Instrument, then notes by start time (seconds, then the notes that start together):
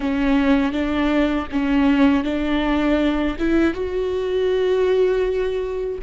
viola
0.00 C#4
0.72 D4
1.51 C#4
2.24 D4
3.38 E4
3.74 F#4